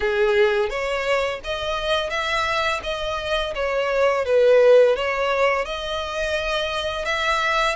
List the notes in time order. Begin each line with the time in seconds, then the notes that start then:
0.00 G#4
0.69 C#5
1.44 D#5
2.10 E5
2.83 D#5
3.54 C#5
4.25 B4
4.95 C#5
5.65 D#5
7.05 E5